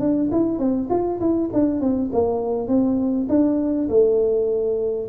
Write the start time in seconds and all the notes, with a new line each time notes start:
0.00 D4
0.31 E4
0.59 C4
0.90 F4
1.20 E4
1.53 D4
1.81 C4
2.13 A#3
2.68 C4
3.29 D4
3.89 A3